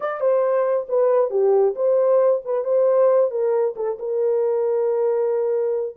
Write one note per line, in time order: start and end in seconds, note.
0.00 0.20 D5
0.20 0.86 C5
0.88 1.30 B4
1.30 1.74 G4
1.75 2.41 C5
2.44 2.64 B4
2.64 3.30 C5
3.30 3.74 A#4
3.76 3.98 A4
3.98 5.96 A#4